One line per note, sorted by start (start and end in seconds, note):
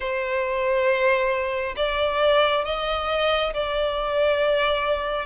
0.00 1.74 C5
1.76 2.64 D5
2.65 3.53 D#5
3.53 5.25 D5